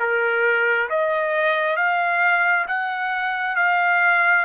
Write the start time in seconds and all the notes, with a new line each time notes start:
0.00 A#4
0.90 D#5
1.77 F5
2.68 F#5
3.57 F5